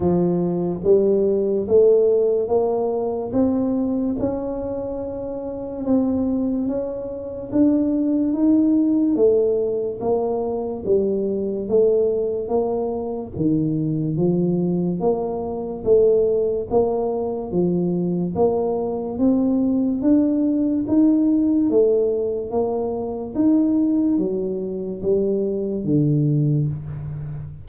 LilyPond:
\new Staff \with { instrumentName = "tuba" } { \time 4/4 \tempo 4 = 72 f4 g4 a4 ais4 | c'4 cis'2 c'4 | cis'4 d'4 dis'4 a4 | ais4 g4 a4 ais4 |
dis4 f4 ais4 a4 | ais4 f4 ais4 c'4 | d'4 dis'4 a4 ais4 | dis'4 fis4 g4 d4 | }